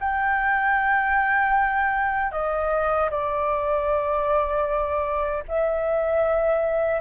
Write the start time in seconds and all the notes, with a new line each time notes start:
0.00 G5
2.32 D#5
3.10 D5
5.48 E5